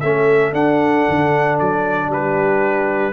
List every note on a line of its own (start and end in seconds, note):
0.00 0.52 A3
0.00 0.52 C#4
0.00 2.08 A4
0.00 0.52 E5
0.52 1.05 D4
0.52 3.12 D4
0.52 1.58 F#5
1.09 1.60 D3
1.59 2.09 F#3
1.59 2.11 D5
2.08 3.12 G3
2.08 3.12 G4
2.08 3.12 B4